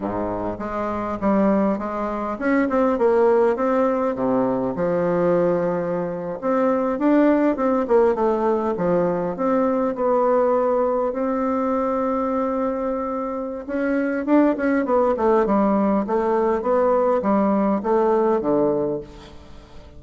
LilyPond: \new Staff \with { instrumentName = "bassoon" } { \time 4/4 \tempo 4 = 101 gis,4 gis4 g4 gis4 | cis'8 c'8 ais4 c'4 c4 | f2~ f8. c'4 d'16~ | d'8. c'8 ais8 a4 f4 c'16~ |
c'8. b2 c'4~ c'16~ | c'2. cis'4 | d'8 cis'8 b8 a8 g4 a4 | b4 g4 a4 d4 | }